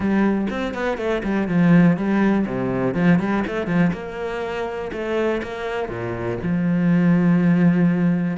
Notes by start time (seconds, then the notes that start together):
0.00 G3
0.50 C4
0.74 B3
0.97 A3
1.23 G3
1.48 F3
1.96 G3
2.46 C3
2.94 F3
3.19 G3
3.47 A3
3.66 F3
3.93 A#3
4.92 A3
5.42 A#3
5.88 A#2
6.42 F3